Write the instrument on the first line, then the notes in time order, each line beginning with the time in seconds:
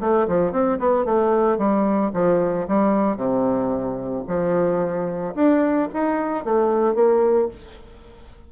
bassoon
0.00 A3
0.28 F3
0.51 C4
0.79 B3
1.04 A3
1.58 G3
2.13 F3
2.68 G3
3.16 C3
4.27 F3
5.35 D4
5.93 D#4
6.44 A3
6.94 A#3